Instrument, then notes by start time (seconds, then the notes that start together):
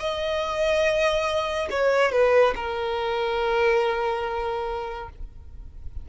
violin
0.00 D#5
1.71 C#5
2.12 B4
2.56 A#4